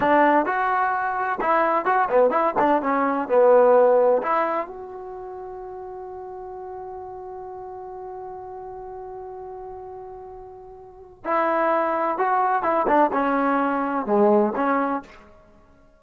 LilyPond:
\new Staff \with { instrumentName = "trombone" } { \time 4/4 \tempo 4 = 128 d'4 fis'2 e'4 | fis'8 b8 e'8 d'8 cis'4 b4~ | b4 e'4 fis'2~ | fis'1~ |
fis'1~ | fis'1 | e'2 fis'4 e'8 d'8 | cis'2 gis4 cis'4 | }